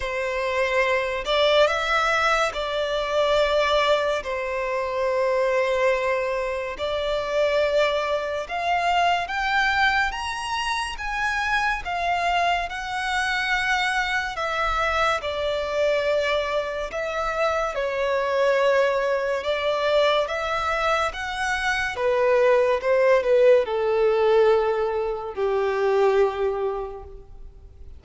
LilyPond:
\new Staff \with { instrumentName = "violin" } { \time 4/4 \tempo 4 = 71 c''4. d''8 e''4 d''4~ | d''4 c''2. | d''2 f''4 g''4 | ais''4 gis''4 f''4 fis''4~ |
fis''4 e''4 d''2 | e''4 cis''2 d''4 | e''4 fis''4 b'4 c''8 b'8 | a'2 g'2 | }